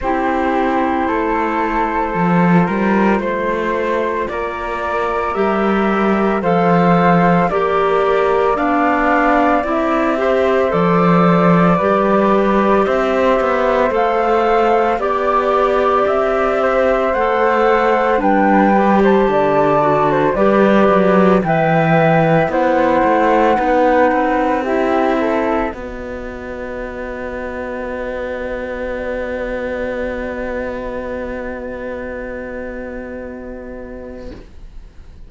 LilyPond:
<<
  \new Staff \with { instrumentName = "flute" } { \time 4/4 \tempo 4 = 56 c''1 | d''4 e''4 f''4 d''4 | f''4 e''4 d''2 | e''4 f''4 d''4 e''4 |
fis''4 g''8. a''4~ a''16 d''4 | g''4 fis''2 e''4 | dis''1~ | dis''1 | }
  \new Staff \with { instrumentName = "flute" } { \time 4/4 g'4 a'4. ais'8 c''4 | ais'2 c''4 ais'4 | d''4. c''4. b'4 | c''2 d''4. c''8~ |
c''4 b'8. c''16 d''8. c''16 b'4 | e''4 c''4 b'4 g'8 a'8 | b'1~ | b'1 | }
  \new Staff \with { instrumentName = "clarinet" } { \time 4/4 e'2 f'2~ | f'4 g'4 a'4 g'4 | d'4 e'8 g'8 a'4 g'4~ | g'4 a'4 g'2 |
a'4 d'8 g'4 fis'8 g'4 | b'4 e'4 dis'4 e'4 | fis'1~ | fis'1 | }
  \new Staff \with { instrumentName = "cello" } { \time 4/4 c'4 a4 f8 g8 a4 | ais4 g4 f4 ais4 | b4 c'4 f4 g4 | c'8 b8 a4 b4 c'4 |
a4 g4 d4 g8 fis8 | e4 b8 a8 b8 c'4. | b1~ | b1 | }
>>